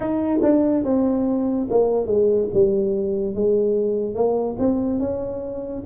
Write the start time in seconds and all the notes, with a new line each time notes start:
0.00 D#4
0.42 D4
0.84 C4
1.69 A#3
2.06 G#3
2.53 G3
3.34 G#3
4.14 A#3
4.58 C4
4.99 C#4